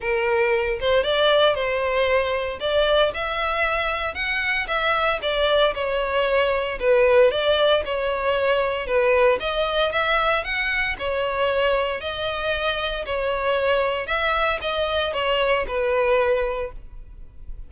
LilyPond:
\new Staff \with { instrumentName = "violin" } { \time 4/4 \tempo 4 = 115 ais'4. c''8 d''4 c''4~ | c''4 d''4 e''2 | fis''4 e''4 d''4 cis''4~ | cis''4 b'4 d''4 cis''4~ |
cis''4 b'4 dis''4 e''4 | fis''4 cis''2 dis''4~ | dis''4 cis''2 e''4 | dis''4 cis''4 b'2 | }